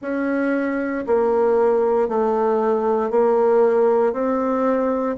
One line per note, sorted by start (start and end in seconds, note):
0.01 1.05 C#4
1.06 2.08 A#3
2.08 3.10 A3
3.10 4.12 A#3
4.12 5.16 C4